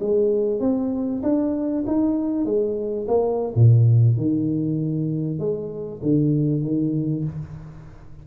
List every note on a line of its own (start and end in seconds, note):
0.00 0.60 G#3
0.60 1.22 C4
1.23 1.84 D4
1.86 2.45 D#4
2.45 3.07 G#3
3.08 3.54 A#3
3.55 4.16 A#2
4.16 5.39 D#3
5.39 6.01 G#3
6.03 6.62 D3
6.62 7.24 D#3